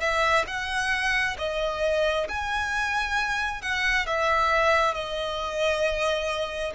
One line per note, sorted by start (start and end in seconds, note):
0.00 0.45 E5
0.47 1.36 F#5
1.38 2.28 D#5
2.28 3.61 G#5
3.61 4.06 F#5
4.06 4.94 E5
4.94 6.73 D#5